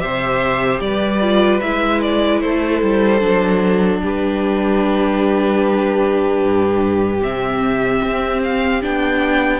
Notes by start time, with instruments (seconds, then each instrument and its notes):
0.00 cello C3, viola G4, violin C5 E5
0.80 cello G3, violin B4 D5
1.22 viola F4
1.61 cello G#3, viola E4, violin E5
2.02 violin D5
2.41 cello A3, violin A4 C5
2.83 cello G3
3.20 cello F#3, viola D4
4.02 cello G3, violin G4 B4
6.43 cello G2
7.22 cello C3, viola C4, violin E5
8.04 cello C4
8.44 violin F5
8.82 cello B3, viola D4, violin G5